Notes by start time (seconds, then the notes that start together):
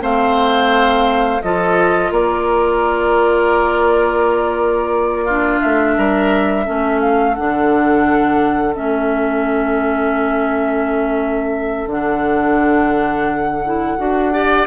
0.00 A3 C4 C5 F5
1.42 F3 F4 A4 D#5
2.11 A#3 A#4 D5
5.24 D4 F4
5.60 A3 E5
5.97 G3 A#4
6.65 A3 C#4 A4
7.00 F5
7.34 D3 D4 F#5
8.74 A3 C#4 E5
11.86 D3 D4 F#5
13.64 E4
13.97 D4 F#4
14.32 G4 D5